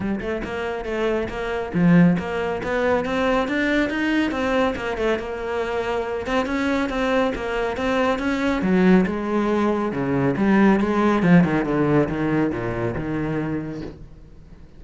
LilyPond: \new Staff \with { instrumentName = "cello" } { \time 4/4 \tempo 4 = 139 g8 a8 ais4 a4 ais4 | f4 ais4 b4 c'4 | d'4 dis'4 c'4 ais8 a8 | ais2~ ais8 c'8 cis'4 |
c'4 ais4 c'4 cis'4 | fis4 gis2 cis4 | g4 gis4 f8 dis8 d4 | dis4 ais,4 dis2 | }